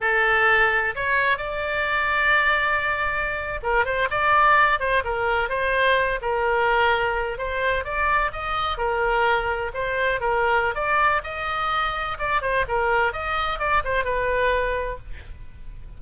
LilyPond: \new Staff \with { instrumentName = "oboe" } { \time 4/4 \tempo 4 = 128 a'2 cis''4 d''4~ | d''2.~ d''8. ais'16~ | ais'16 c''8 d''4. c''8 ais'4 c''16~ | c''4~ c''16 ais'2~ ais'8 c''16~ |
c''8. d''4 dis''4 ais'4~ ais'16~ | ais'8. c''4 ais'4~ ais'16 d''4 | dis''2 d''8 c''8 ais'4 | dis''4 d''8 c''8 b'2 | }